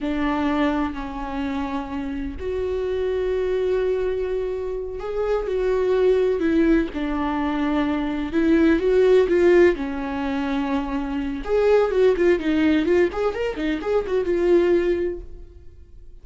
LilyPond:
\new Staff \with { instrumentName = "viola" } { \time 4/4 \tempo 4 = 126 d'2 cis'2~ | cis'4 fis'2.~ | fis'2~ fis'8 gis'4 fis'8~ | fis'4. e'4 d'4.~ |
d'4. e'4 fis'4 f'8~ | f'8 cis'2.~ cis'8 | gis'4 fis'8 f'8 dis'4 f'8 gis'8 | ais'8 dis'8 gis'8 fis'8 f'2 | }